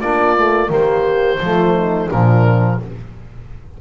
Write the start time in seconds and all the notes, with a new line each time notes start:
0.00 A#3 D4 F4 D5
0.38 A3
0.68 D#3 A#3 G4 C5
1.40 F3 A3 F4
1.74 D#4
2.06 A#2 F3 D4 A#4